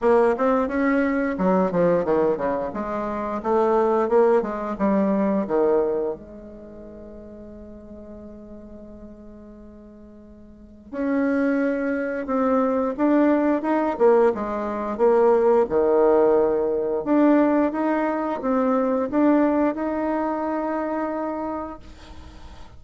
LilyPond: \new Staff \with { instrumentName = "bassoon" } { \time 4/4 \tempo 4 = 88 ais8 c'8 cis'4 fis8 f8 dis8 cis8 | gis4 a4 ais8 gis8 g4 | dis4 gis2.~ | gis1 |
cis'2 c'4 d'4 | dis'8 ais8 gis4 ais4 dis4~ | dis4 d'4 dis'4 c'4 | d'4 dis'2. | }